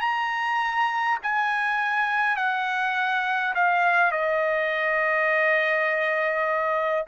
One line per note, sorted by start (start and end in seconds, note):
0.00 1.18 A#5
1.22 2.36 G#5
2.36 3.53 F#5
3.55 4.11 F5
4.11 7.05 D#5